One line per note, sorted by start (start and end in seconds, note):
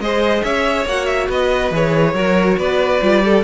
0.00 0.43 G#3
0.00 0.88 G#4
0.00 0.44 C5
0.00 0.43 D#5
0.43 0.86 C#4
0.43 1.29 C#5
0.43 0.86 E5
0.86 1.28 A#3
0.86 1.73 F#4
0.86 1.06 F#5
1.06 1.27 E5
1.29 1.71 B3
1.29 2.15 B4
1.29 1.74 D#5
1.71 2.14 E3
1.71 2.16 G#4
1.71 2.59 C#5
2.14 2.57 F#3
2.14 3.01 F#4
2.14 2.58 A#4
2.58 3.00 B3
2.58 3.24 B4
2.58 3.44 D5
3.01 3.44 G3
3.01 3.22 F4
3.22 3.44 G4
3.22 3.44 A4